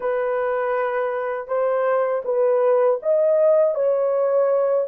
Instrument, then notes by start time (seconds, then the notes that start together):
horn
0.00 B4
1.47 C5
2.25 B4
3.02 D#5
3.75 C#5